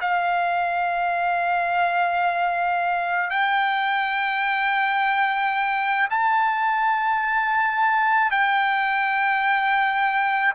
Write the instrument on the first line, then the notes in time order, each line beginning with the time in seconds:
trumpet
0.00 F5
3.30 G5
6.10 A5
8.31 G5